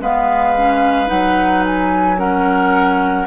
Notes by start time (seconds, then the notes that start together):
0.00 G#3 B3 B4 F5
0.57 C#4
1.06 F#3 D#4 F#5
1.65 G#5
2.18 C#4 A#4 F#5